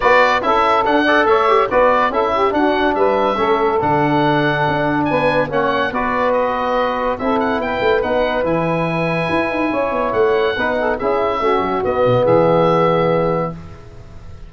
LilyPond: <<
  \new Staff \with { instrumentName = "oboe" } { \time 4/4 \tempo 4 = 142 d''4 e''4 fis''4 e''4 | d''4 e''4 fis''4 e''4~ | e''4 fis''2. | gis''4 fis''4 d''4 dis''4~ |
dis''4 e''8 fis''8 g''4 fis''4 | gis''1 | fis''2 e''2 | dis''4 e''2. | }
  \new Staff \with { instrumentName = "saxophone" } { \time 4/4 b'4 a'4. d''8 cis''4 | b'4 a'8 g'8 fis'4 b'4 | a'1 | b'4 cis''4 b'2~ |
b'4 a'4 b'2~ | b'2. cis''4~ | cis''4 b'8 a'8 gis'4 fis'4~ | fis'4 gis'2. | }
  \new Staff \with { instrumentName = "trombone" } { \time 4/4 fis'4 e'4 d'8 a'4 g'8 | fis'4 e'4 d'2 | cis'4 d'2.~ | d'4 cis'4 fis'2~ |
fis'4 e'2 dis'4 | e'1~ | e'4 dis'4 e'4 cis'4 | b1 | }
  \new Staff \with { instrumentName = "tuba" } { \time 4/4 b4 cis'4 d'4 a4 | b4 cis'4 d'4 g4 | a4 d2 d'4 | b4 ais4 b2~ |
b4 c'4 b8 a8 b4 | e2 e'8 dis'8 cis'8 b8 | a4 b4 cis'4 a8 fis8 | b8 b,8 e2. | }
>>